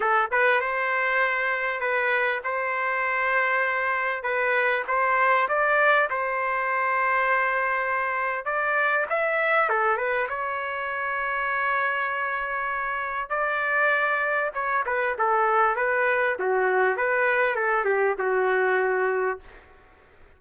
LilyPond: \new Staff \with { instrumentName = "trumpet" } { \time 4/4 \tempo 4 = 99 a'8 b'8 c''2 b'4 | c''2. b'4 | c''4 d''4 c''2~ | c''2 d''4 e''4 |
a'8 b'8 cis''2.~ | cis''2 d''2 | cis''8 b'8 a'4 b'4 fis'4 | b'4 a'8 g'8 fis'2 | }